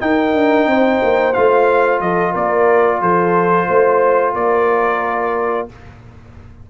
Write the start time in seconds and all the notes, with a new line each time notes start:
0.00 D#4 A#4 G5
0.34 D4
0.67 C4 C5
1.03 A#3
1.33 A3 F4 F5
2.01 F3 A4 D#5
2.32 A#3 A#4 D5
3.01 F3 A4 C5
3.68 A3 C5
4.34 A#3 A#4 D5